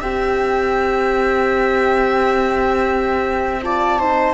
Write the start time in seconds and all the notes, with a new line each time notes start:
0.00 C4 G4 E5 G5
3.62 F4 D5 A5
3.98 D#4 C5